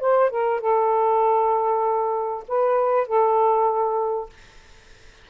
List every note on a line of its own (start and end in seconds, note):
0.00 0.30 C5
0.30 0.61 A#4
0.61 2.44 A4
2.48 3.07 B4
3.07 4.30 A4